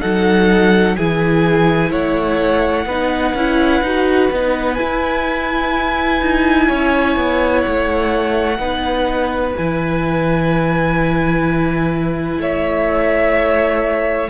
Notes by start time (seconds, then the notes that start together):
0.00 F#3 D#4 A4 F#5
0.95 E3 E4 G#4 G#5
1.90 A3 C#5 F#5
2.85 B3 D#4 B4
3.34 C#4 E4
3.81 D#4 F#4
4.31 B3 D#4
4.74 E4 G#5
4.80 E4
6.21 D#4
6.67 C#4 C#5
7.16 B3
7.61 A3 F#5
8.58 B3 D#4 B4
9.56 E3 E4 G#5
12.38 A3 C#5 E5